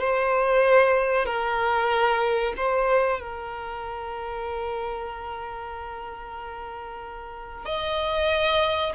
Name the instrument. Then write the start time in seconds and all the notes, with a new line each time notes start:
violin
0.00 C5
1.26 A#4
2.57 C5
3.20 A#4
7.65 D#5